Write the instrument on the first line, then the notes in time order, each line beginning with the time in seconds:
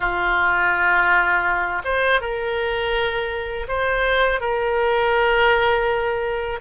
oboe
0.00 F4
1.84 C5
2.21 A#4
3.68 C5
4.40 A#4